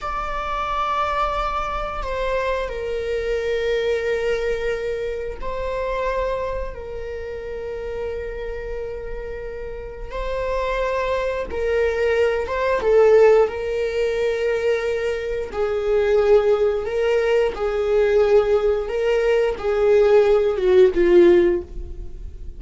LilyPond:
\new Staff \with { instrumentName = "viola" } { \time 4/4 \tempo 4 = 89 d''2. c''4 | ais'1 | c''2 ais'2~ | ais'2. c''4~ |
c''4 ais'4. c''8 a'4 | ais'2. gis'4~ | gis'4 ais'4 gis'2 | ais'4 gis'4. fis'8 f'4 | }